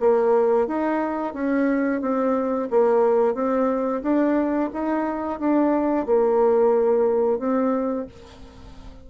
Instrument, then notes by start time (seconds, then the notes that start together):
bassoon
0.00 A#3
0.67 D#4
1.33 C#4
2.01 C4
2.70 A#3
3.34 C4
4.02 D4
4.73 D#4
5.39 D4
6.06 A#3
7.39 C4